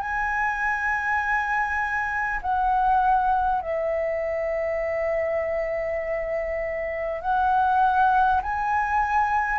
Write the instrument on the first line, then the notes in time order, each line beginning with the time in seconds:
flute
0.00 G#5
2.42 F#5
3.61 E5
7.21 F#5
8.42 G#5